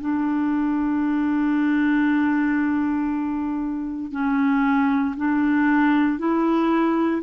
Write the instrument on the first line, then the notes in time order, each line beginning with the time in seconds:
clarinet
0.00 D4
4.11 C#4
5.16 D4
6.18 E4